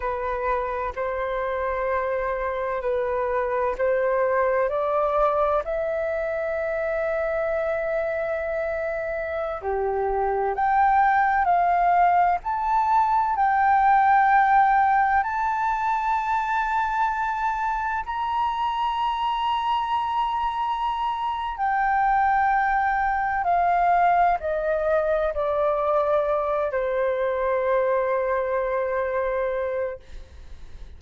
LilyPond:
\new Staff \with { instrumentName = "flute" } { \time 4/4 \tempo 4 = 64 b'4 c''2 b'4 | c''4 d''4 e''2~ | e''2~ e''16 g'4 g''8.~ | g''16 f''4 a''4 g''4.~ g''16~ |
g''16 a''2. ais''8.~ | ais''2. g''4~ | g''4 f''4 dis''4 d''4~ | d''8 c''2.~ c''8 | }